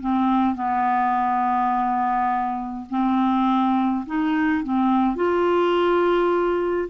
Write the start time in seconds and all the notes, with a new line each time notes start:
0.00 C4
0.55 B3
2.90 C4
4.06 D#4
4.63 C4
5.16 F4